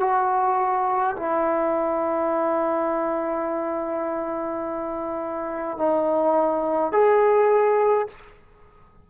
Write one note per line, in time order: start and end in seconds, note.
0.00 1.15 F#4
1.16 5.77 E4
5.77 6.92 D#4
6.92 8.08 G#4